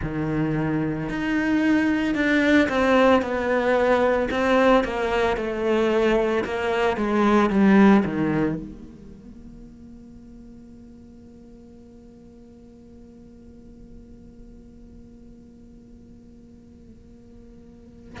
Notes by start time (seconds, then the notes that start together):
0.02 D#3
1.09 D#4
2.14 D4
2.68 C4
3.21 B3
4.31 C4
4.84 A#3
5.36 A3
6.44 A#3
6.96 G#3
7.50 G3
8.04 D#3
8.55 A#3